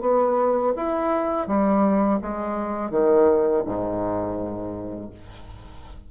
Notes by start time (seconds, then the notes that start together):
0.00 B3
0.76 E4
1.47 G3
2.21 G#3
2.90 D#3
3.65 G#2